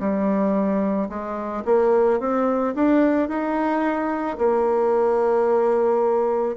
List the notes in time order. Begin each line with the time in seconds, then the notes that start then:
0.00 G3
1.09 G#3
1.65 A#3
2.20 C4
2.75 D4
3.29 D#4
4.38 A#3